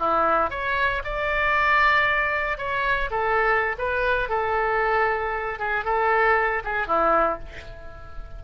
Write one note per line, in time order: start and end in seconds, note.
0.00 0.51 E4
0.51 1.03 C#5
1.04 2.58 D5
2.58 3.10 C#5
3.11 3.76 A4
3.78 4.29 B4
4.29 5.59 A4
5.59 5.85 G#4
5.85 6.63 A4
6.65 6.87 G#4
6.87 7.39 E4